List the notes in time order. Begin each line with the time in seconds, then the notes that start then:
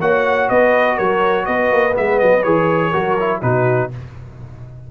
0.00 A#3 F#4 C#5 F#5
0.49 B3 B4 D#5
0.96 F#3 A#4 C#5
1.45 B3 B4 D#5
1.72 A#3
1.92 G#3 B3 E5
2.18 F#3 D#5
2.43 E3 G#4 C#5
2.90 F#3 F#4 A#4
3.19 E4
3.41 B2 D#4 F#4 B4